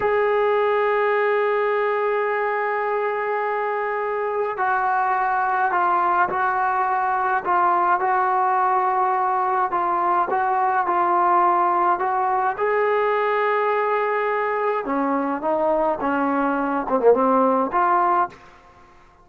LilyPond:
\new Staff \with { instrumentName = "trombone" } { \time 4/4 \tempo 4 = 105 gis'1~ | gis'1 | fis'2 f'4 fis'4~ | fis'4 f'4 fis'2~ |
fis'4 f'4 fis'4 f'4~ | f'4 fis'4 gis'2~ | gis'2 cis'4 dis'4 | cis'4. c'16 ais16 c'4 f'4 | }